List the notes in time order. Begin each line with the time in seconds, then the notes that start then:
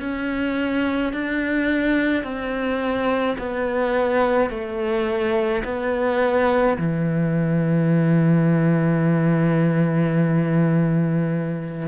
0.00 C#4
1.13 D4
2.23 C4
3.39 B3
4.50 A3
5.64 B3
6.78 E3